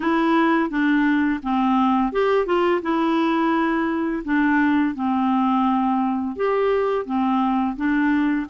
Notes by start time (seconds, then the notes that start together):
0.00 E4
0.69 D4
1.42 C4
2.12 G4
2.45 F4
2.82 E4
4.24 D4
4.94 C4
6.35 G4
7.05 C4
7.76 D4